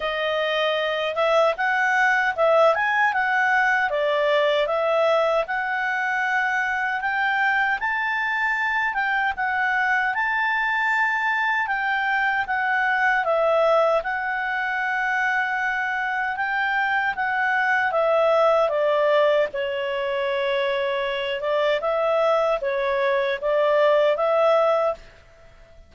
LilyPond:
\new Staff \with { instrumentName = "clarinet" } { \time 4/4 \tempo 4 = 77 dis''4. e''8 fis''4 e''8 gis''8 | fis''4 d''4 e''4 fis''4~ | fis''4 g''4 a''4. g''8 | fis''4 a''2 g''4 |
fis''4 e''4 fis''2~ | fis''4 g''4 fis''4 e''4 | d''4 cis''2~ cis''8 d''8 | e''4 cis''4 d''4 e''4 | }